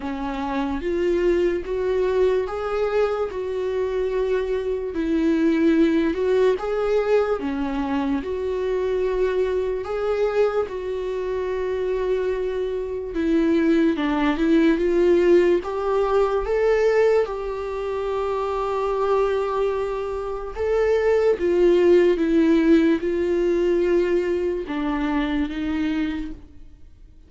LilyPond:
\new Staff \with { instrumentName = "viola" } { \time 4/4 \tempo 4 = 73 cis'4 f'4 fis'4 gis'4 | fis'2 e'4. fis'8 | gis'4 cis'4 fis'2 | gis'4 fis'2. |
e'4 d'8 e'8 f'4 g'4 | a'4 g'2.~ | g'4 a'4 f'4 e'4 | f'2 d'4 dis'4 | }